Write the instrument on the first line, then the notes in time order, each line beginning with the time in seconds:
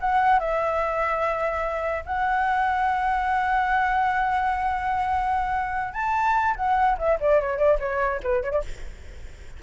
flute
0.00 F#5
0.39 E5
2.06 F#5
5.93 A5
6.56 F#5
6.98 E5
7.20 D5
7.41 C#5
7.58 D5
7.79 C#5
8.23 B4
8.43 C#5
8.52 D5